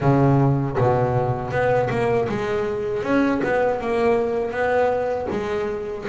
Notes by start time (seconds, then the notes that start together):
0.00 C#3
0.77 B2
1.51 B3
1.90 A#3
2.28 G#3
3.02 C#4
3.43 B3
3.80 A#3
4.51 B3
5.30 G#3